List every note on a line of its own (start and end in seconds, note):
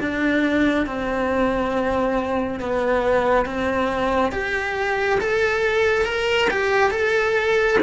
0.00 0.86 D4
0.86 2.60 C4
2.60 3.46 B3
3.46 4.32 C4
4.32 5.19 G4
5.21 6.05 A4
6.05 6.48 A#4
6.51 6.91 G4
6.91 7.77 A4